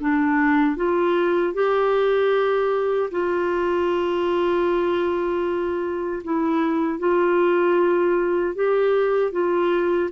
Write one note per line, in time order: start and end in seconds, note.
0.00 0.77 D4
0.77 1.54 F4
1.54 3.10 G4
3.11 6.23 F4
6.24 7.00 E4
7.00 8.55 F4
8.55 9.32 G4
9.32 10.10 F4